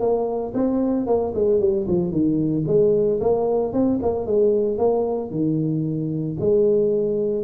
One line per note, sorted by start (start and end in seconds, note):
0.00 0.53 A#3
0.54 1.07 C4
1.07 1.33 A#3
1.35 1.60 G#3
1.60 1.87 G3
1.88 2.11 F3
2.11 2.65 D#3
2.67 3.20 G#3
3.21 3.73 A#3
3.73 4.00 C4
4.02 4.26 A#3
4.26 4.78 G#3
4.78 5.31 A#3
5.31 6.37 D#3
6.40 7.44 G#3